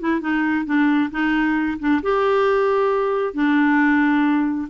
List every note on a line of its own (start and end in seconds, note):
0.00 0.21 E4
0.21 0.65 D#4
0.66 1.10 D4
1.11 1.78 D#4
1.79 2.02 D4
2.03 3.34 G4
3.34 4.68 D4